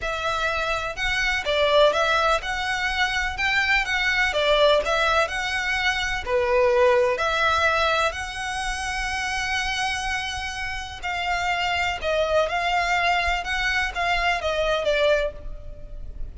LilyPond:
\new Staff \with { instrumentName = "violin" } { \time 4/4 \tempo 4 = 125 e''2 fis''4 d''4 | e''4 fis''2 g''4 | fis''4 d''4 e''4 fis''4~ | fis''4 b'2 e''4~ |
e''4 fis''2.~ | fis''2. f''4~ | f''4 dis''4 f''2 | fis''4 f''4 dis''4 d''4 | }